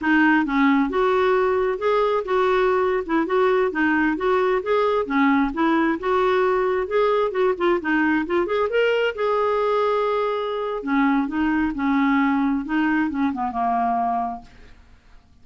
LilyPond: \new Staff \with { instrumentName = "clarinet" } { \time 4/4 \tempo 4 = 133 dis'4 cis'4 fis'2 | gis'4 fis'4.~ fis'16 e'8 fis'8.~ | fis'16 dis'4 fis'4 gis'4 cis'8.~ | cis'16 e'4 fis'2 gis'8.~ |
gis'16 fis'8 f'8 dis'4 f'8 gis'8 ais'8.~ | ais'16 gis'2.~ gis'8. | cis'4 dis'4 cis'2 | dis'4 cis'8 b8 ais2 | }